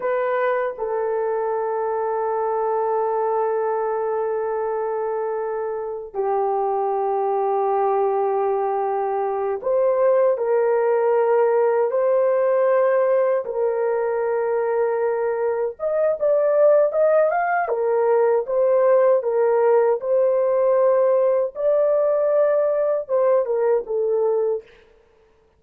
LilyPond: \new Staff \with { instrumentName = "horn" } { \time 4/4 \tempo 4 = 78 b'4 a'2.~ | a'1 | g'1~ | g'8 c''4 ais'2 c''8~ |
c''4. ais'2~ ais'8~ | ais'8 dis''8 d''4 dis''8 f''8 ais'4 | c''4 ais'4 c''2 | d''2 c''8 ais'8 a'4 | }